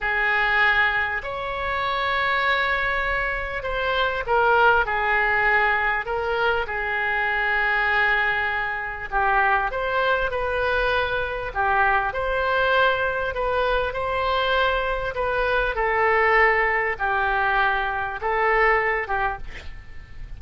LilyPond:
\new Staff \with { instrumentName = "oboe" } { \time 4/4 \tempo 4 = 99 gis'2 cis''2~ | cis''2 c''4 ais'4 | gis'2 ais'4 gis'4~ | gis'2. g'4 |
c''4 b'2 g'4 | c''2 b'4 c''4~ | c''4 b'4 a'2 | g'2 a'4. g'8 | }